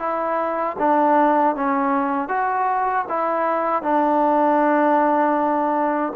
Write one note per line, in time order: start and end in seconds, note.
0.00 0.77 E4
0.79 1.56 D4
1.56 2.29 C#4
2.29 3.06 F#4
3.09 3.83 E4
3.83 6.14 D4